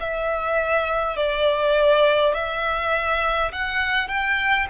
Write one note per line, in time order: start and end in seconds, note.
0.00 1.17 E5
1.17 2.34 D5
2.34 3.52 E5
3.52 4.08 F#5
4.08 4.67 G5